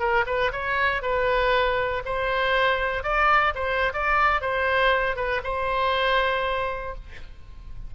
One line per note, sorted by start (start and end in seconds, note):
0.00 0.25 A#4
0.27 0.52 B4
0.52 1.02 C#5
1.02 2.03 B4
2.05 3.04 C5
3.04 3.54 D5
3.55 3.93 C5
3.94 4.42 D5
4.42 5.16 C5
5.16 5.42 B4
5.44 6.95 C5